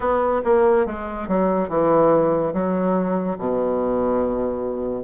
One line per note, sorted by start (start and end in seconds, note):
0.00 0.41 B3
0.44 0.86 A#3
0.86 1.28 G#3
1.28 1.68 F#3
1.68 2.53 E3
2.53 3.37 F#3
3.38 5.04 B2